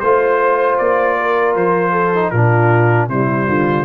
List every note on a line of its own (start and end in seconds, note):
0.00 0.79 A3
0.00 2.15 F4
0.00 0.77 C5
0.00 1.16 C5
0.78 1.56 A#3
0.78 1.55 D5
1.18 1.92 A#4
1.56 2.32 F3
1.56 2.30 C5
1.92 2.30 A4
2.15 2.34 D#4
2.30 3.09 A#2
2.30 3.10 D4
2.30 3.09 F4
2.30 3.07 A#4
3.09 3.47 C3
3.09 3.85 G3
3.09 3.47 E4
3.09 3.85 C5
3.47 3.85 D3
3.47 3.85 F4